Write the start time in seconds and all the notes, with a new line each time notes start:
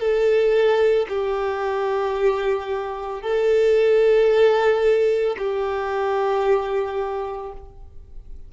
0.00 A4
1.09 G4
3.22 A4
5.39 G4